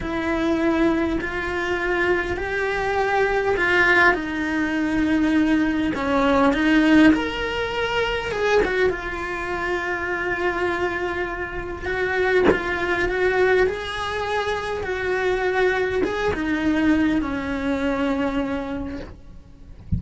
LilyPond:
\new Staff \with { instrumentName = "cello" } { \time 4/4 \tempo 4 = 101 e'2 f'2 | g'2 f'4 dis'4~ | dis'2 cis'4 dis'4 | ais'2 gis'8 fis'8 f'4~ |
f'1 | fis'4 f'4 fis'4 gis'4~ | gis'4 fis'2 gis'8 dis'8~ | dis'4 cis'2. | }